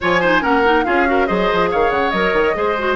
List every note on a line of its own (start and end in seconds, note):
0.01 0.43 F3
0.01 0.22 F4
0.01 0.21 C#5
0.01 0.43 G#5
0.21 0.41 D#4
0.21 0.41 C5
0.41 0.86 A#3
0.41 0.62 C#4
0.41 0.84 A#4
0.41 0.84 F#5
0.64 0.85 D#4
0.84 1.29 C#4
0.84 1.06 F4
0.84 1.07 G#4
0.84 1.26 F5
1.06 1.27 F#4
1.06 1.27 A#4
1.26 1.51 F#3
1.26 2.12 G#4
1.26 1.69 C5
1.26 1.68 D#5
1.52 1.73 F3
1.70 1.90 D#3
1.70 2.55 C#5
1.70 1.90 F5
1.90 2.12 C#3
1.90 2.10 F#5
2.10 2.33 F#3
2.10 2.54 A#4
2.10 2.95 D#5
2.33 2.54 D#3
2.54 2.95 G#3
2.54 2.75 G#4
2.54 2.95 C5
2.78 2.95 F#4